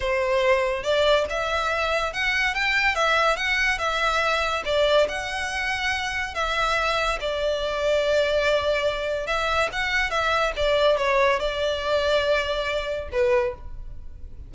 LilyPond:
\new Staff \with { instrumentName = "violin" } { \time 4/4 \tempo 4 = 142 c''2 d''4 e''4~ | e''4 fis''4 g''4 e''4 | fis''4 e''2 d''4 | fis''2. e''4~ |
e''4 d''2.~ | d''2 e''4 fis''4 | e''4 d''4 cis''4 d''4~ | d''2. b'4 | }